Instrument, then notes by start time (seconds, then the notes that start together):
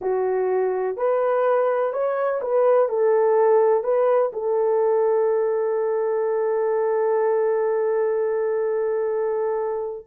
horn
0.01 F#4
0.96 B4
1.92 C#5
2.41 B4
2.88 A4
3.83 B4
4.32 A4